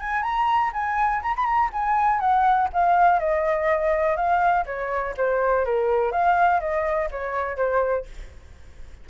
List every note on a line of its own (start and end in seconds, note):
0.00 0.23 G#5
0.23 0.71 A#5
0.73 1.22 G#5
1.23 1.35 A#5
1.37 1.46 B5
1.46 1.70 A#5
1.73 2.20 G#5
2.20 2.69 F#5
2.73 3.20 F5
3.20 4.16 D#5
4.16 4.65 F5
4.66 5.15 C#5
5.17 5.65 C5
5.65 6.12 A#4
6.12 6.60 F5
6.60 7.09 D#5
7.11 7.57 C#5
7.57 8.06 C5